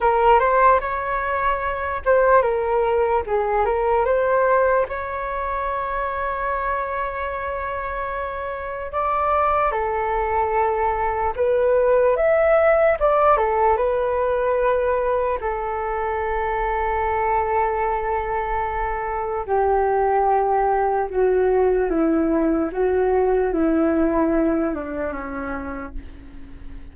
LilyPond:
\new Staff \with { instrumentName = "flute" } { \time 4/4 \tempo 4 = 74 ais'8 c''8 cis''4. c''8 ais'4 | gis'8 ais'8 c''4 cis''2~ | cis''2. d''4 | a'2 b'4 e''4 |
d''8 a'8 b'2 a'4~ | a'1 | g'2 fis'4 e'4 | fis'4 e'4. d'8 cis'4 | }